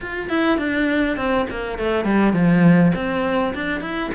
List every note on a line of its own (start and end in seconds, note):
0.00 0.29 F4
0.29 0.57 E4
0.57 1.16 D4
1.16 1.46 C4
1.50 1.78 A#3
1.78 2.04 A3
2.04 2.33 G3
2.33 2.92 F3
2.95 3.53 C4
3.54 3.80 D4
3.80 4.10 E4